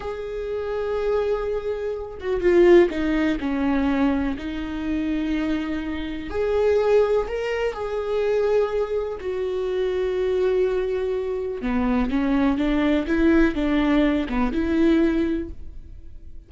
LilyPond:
\new Staff \with { instrumentName = "viola" } { \time 4/4 \tempo 4 = 124 gis'1~ | gis'8 fis'8 f'4 dis'4 cis'4~ | cis'4 dis'2.~ | dis'4 gis'2 ais'4 |
gis'2. fis'4~ | fis'1 | b4 cis'4 d'4 e'4 | d'4. b8 e'2 | }